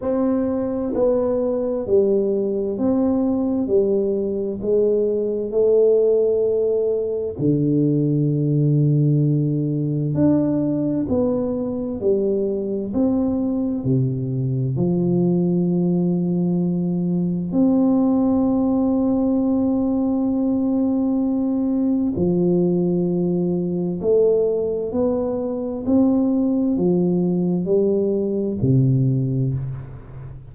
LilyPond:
\new Staff \with { instrumentName = "tuba" } { \time 4/4 \tempo 4 = 65 c'4 b4 g4 c'4 | g4 gis4 a2 | d2. d'4 | b4 g4 c'4 c4 |
f2. c'4~ | c'1 | f2 a4 b4 | c'4 f4 g4 c4 | }